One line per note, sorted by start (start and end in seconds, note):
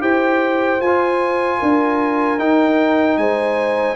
0.00 0.81 E4
0.00 0.79 G4
0.00 1.60 C5
0.00 0.81 G5
0.81 1.60 F4
0.81 2.39 F4
0.81 2.39 G#5
1.60 2.39 D4
1.60 3.17 A#4
2.39 3.17 D#4
2.39 3.96 D#4
2.39 3.17 G5
3.17 3.96 G#3
3.17 3.96 C5
3.17 3.96 G#5